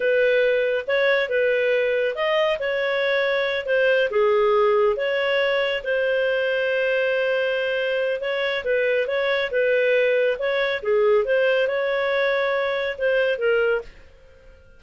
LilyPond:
\new Staff \with { instrumentName = "clarinet" } { \time 4/4 \tempo 4 = 139 b'2 cis''4 b'4~ | b'4 dis''4 cis''2~ | cis''8 c''4 gis'2 cis''8~ | cis''4. c''2~ c''8~ |
c''2. cis''4 | b'4 cis''4 b'2 | cis''4 gis'4 c''4 cis''4~ | cis''2 c''4 ais'4 | }